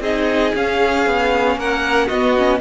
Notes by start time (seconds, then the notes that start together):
0.00 C4 D#4 G#4 D#5
0.54 C#4 F5
1.06 B3
1.56 A#3 A#4 F#5
2.06 B3 F#4 D#5
2.37 C#4